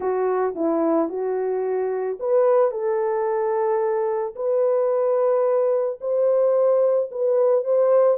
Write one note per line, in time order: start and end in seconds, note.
0.00 0.55 F#4
0.55 1.09 E4
1.09 2.18 F#4
2.19 2.71 B4
2.71 4.34 A4
4.35 5.99 B4
6.00 7.10 C5
7.11 7.64 B4
7.64 8.18 C5